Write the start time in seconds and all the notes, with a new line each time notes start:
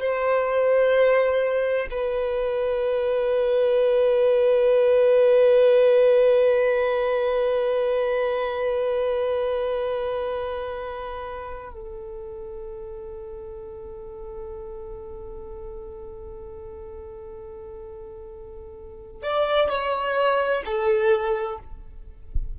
0.00 C5
1.91 B4
11.73 A4
19.23 D5
19.70 C#5
20.65 A4